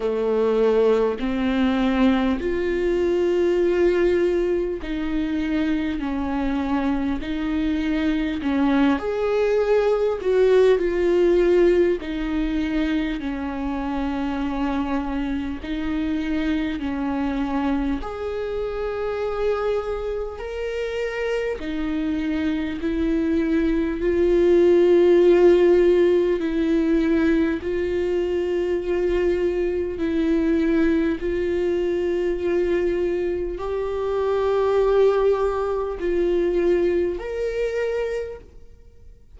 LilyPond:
\new Staff \with { instrumentName = "viola" } { \time 4/4 \tempo 4 = 50 a4 c'4 f'2 | dis'4 cis'4 dis'4 cis'8 gis'8~ | gis'8 fis'8 f'4 dis'4 cis'4~ | cis'4 dis'4 cis'4 gis'4~ |
gis'4 ais'4 dis'4 e'4 | f'2 e'4 f'4~ | f'4 e'4 f'2 | g'2 f'4 ais'4 | }